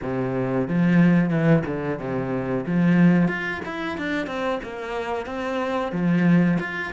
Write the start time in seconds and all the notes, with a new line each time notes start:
0.02 C3
0.67 F3
1.29 E3
1.66 D3
1.99 C3
2.66 F3
3.28 F4
3.65 E4
3.97 D4
4.26 C4
4.63 A#3
5.26 C4
5.92 F3
6.59 F4